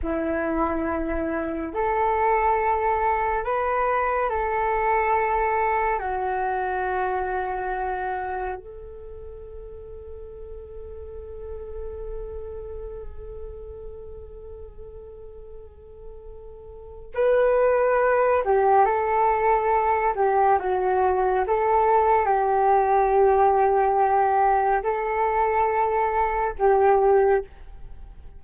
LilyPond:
\new Staff \with { instrumentName = "flute" } { \time 4/4 \tempo 4 = 70 e'2 a'2 | b'4 a'2 fis'4~ | fis'2 a'2~ | a'1~ |
a'1 | b'4. g'8 a'4. g'8 | fis'4 a'4 g'2~ | g'4 a'2 g'4 | }